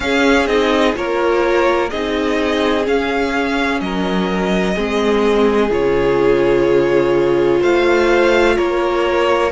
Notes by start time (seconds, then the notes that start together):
0.00 C#4 G#4 F5
0.46 C4 D#4 D#5
0.94 A#3 F4 A#4 C#5
1.89 C4 D#4 G#4 D#5
2.85 C#4 F5
3.80 F#3 A#4 D#5
4.74 G#3 C4 G#4
5.70 C#3 F4 C#5
7.60 A3 C5 F5
8.56 A#3 A#4 C#5